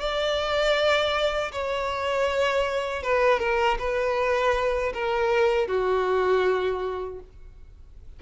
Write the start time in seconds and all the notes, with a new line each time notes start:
0.00 D5
1.52 C#5
3.03 B4
3.40 A#4
3.79 B4
4.94 A#4
5.68 F#4